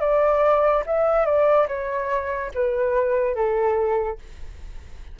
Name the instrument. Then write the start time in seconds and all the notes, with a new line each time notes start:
flute
0.00 D5
0.86 E5
1.25 D5
1.68 C#5
2.54 B4
3.34 A4